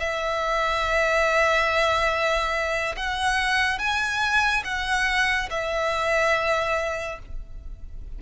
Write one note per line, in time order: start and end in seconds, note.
0.00 2.96 E5
2.97 3.79 F#5
3.79 4.63 G#5
4.64 5.49 F#5
5.50 7.19 E5